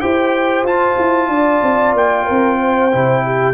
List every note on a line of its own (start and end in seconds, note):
0.00 0.63 E4
0.00 0.65 G4
0.00 1.30 C5
0.00 0.65 G5
0.63 0.95 F4
0.63 2.91 F4
0.63 1.95 A5
0.98 1.28 E4
1.28 1.61 D4
1.28 2.25 D5
1.62 1.93 C4
1.93 2.25 A#3
1.93 3.53 G5
2.25 2.93 C4
2.25 2.57 A#4
2.59 3.24 C5
2.92 3.53 C3
2.92 3.53 E4
3.25 3.53 G4